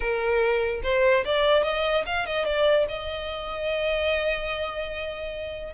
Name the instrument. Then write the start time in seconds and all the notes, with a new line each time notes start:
violin
0.00 A#4
0.83 C5
1.25 D5
1.63 D#5
2.06 F5
2.25 D#5
2.45 D5
2.88 D#5